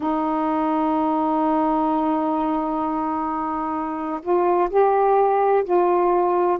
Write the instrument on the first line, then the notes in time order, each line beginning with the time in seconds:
saxophone
0.00 D#4
4.22 F4
4.70 G4
5.64 F4